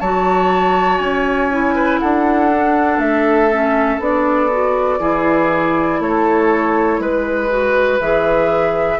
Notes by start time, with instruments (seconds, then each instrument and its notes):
0.00 bassoon F#3, clarinet F#4, oboe C#5, flute A5
0.99 bassoon C#4, flute G#5
1.51 clarinet E4
1.75 oboe B4
1.99 bassoon D4, oboe A4, flute F#5
2.51 clarinet D4
2.98 bassoon A3, flute E5
3.51 clarinet C#4
3.99 bassoon B3, clarinet D4, flute D5
4.51 clarinet F#4
4.99 bassoon E3, clarinet E4, oboe G#4
6.00 bassoon A3, oboe A4, flute C#5
6.99 bassoon G#3, oboe B4, flute B4
7.49 clarinet F#4
8.00 bassoon E3, clarinet G#4, flute E5